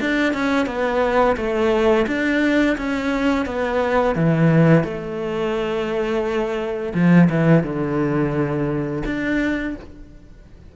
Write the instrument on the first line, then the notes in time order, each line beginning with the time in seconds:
cello
0.00 D4
0.33 C#4
0.66 B3
1.36 A3
2.06 D4
2.77 C#4
3.45 B3
4.15 E3
4.83 A3
6.94 F3
7.29 E3
7.63 D3
9.05 D4